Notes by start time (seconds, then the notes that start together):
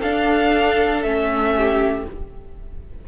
0.00 D4 A4 F5
1.03 A3 C#4 E5
1.57 G4